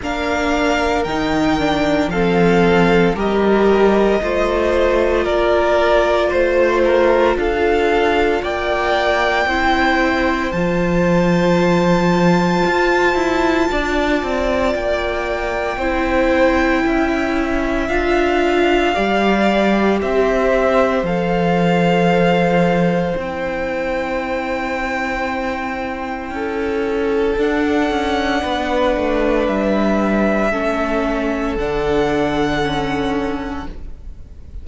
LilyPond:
<<
  \new Staff \with { instrumentName = "violin" } { \time 4/4 \tempo 4 = 57 f''4 g''4 f''4 dis''4~ | dis''4 d''4 c''4 f''4 | g''2 a''2~ | a''2 g''2~ |
g''4 f''2 e''4 | f''2 g''2~ | g''2 fis''2 | e''2 fis''2 | }
  \new Staff \with { instrumentName = "violin" } { \time 4/4 ais'2 a'4 ais'4 | c''4 ais'4 c''8 ais'8 a'4 | d''4 c''2.~ | c''4 d''2 c''4 |
e''2 d''4 c''4~ | c''1~ | c''4 a'2 b'4~ | b'4 a'2. | }
  \new Staff \with { instrumentName = "viola" } { \time 4/4 d'4 dis'8 d'8 c'4 g'4 | f'1~ | f'4 e'4 f'2~ | f'2. e'4~ |
e'4 f'4 g'2 | a'2 e'2~ | e'2 d'2~ | d'4 cis'4 d'4 cis'4 | }
  \new Staff \with { instrumentName = "cello" } { \time 4/4 ais4 dis4 f4 g4 | a4 ais4 a4 d'4 | ais4 c'4 f2 | f'8 e'8 d'8 c'8 ais4 c'4 |
cis'4 d'4 g4 c'4 | f2 c'2~ | c'4 cis'4 d'8 cis'8 b8 a8 | g4 a4 d2 | }
>>